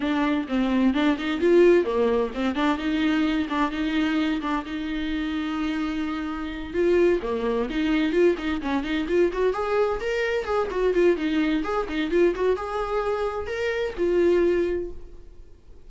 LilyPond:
\new Staff \with { instrumentName = "viola" } { \time 4/4 \tempo 4 = 129 d'4 c'4 d'8 dis'8 f'4 | ais4 c'8 d'8 dis'4. d'8 | dis'4. d'8 dis'2~ | dis'2~ dis'8 f'4 ais8~ |
ais8 dis'4 f'8 dis'8 cis'8 dis'8 f'8 | fis'8 gis'4 ais'4 gis'8 fis'8 f'8 | dis'4 gis'8 dis'8 f'8 fis'8 gis'4~ | gis'4 ais'4 f'2 | }